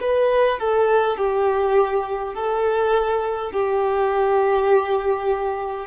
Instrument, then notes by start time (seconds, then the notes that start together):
violin
0.00 B4
0.59 A4
1.17 G4
2.34 A4
3.52 G4